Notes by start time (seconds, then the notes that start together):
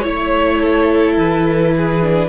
0.00 A3 E4 C#5
0.61 A4
1.17 E3 B4
1.77 G#4
2.02 D4